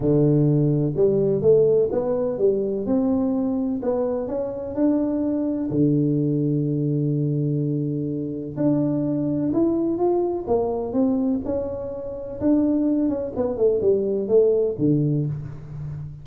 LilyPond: \new Staff \with { instrumentName = "tuba" } { \time 4/4 \tempo 4 = 126 d2 g4 a4 | b4 g4 c'2 | b4 cis'4 d'2 | d1~ |
d2 d'2 | e'4 f'4 ais4 c'4 | cis'2 d'4. cis'8 | b8 a8 g4 a4 d4 | }